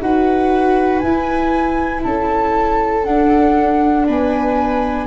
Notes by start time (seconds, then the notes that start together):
0.00 D#4 F#4 B4 F#5
0.99 E4 G#5
2.03 C#4 A4 A5
3.04 D4 F#5
4.07 B3 B4 G#5